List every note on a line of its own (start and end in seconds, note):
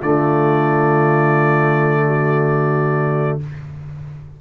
0.00 3.38 D3
0.00 3.40 A3
0.00 2.02 F4
0.00 3.39 D5
2.05 3.40 F#4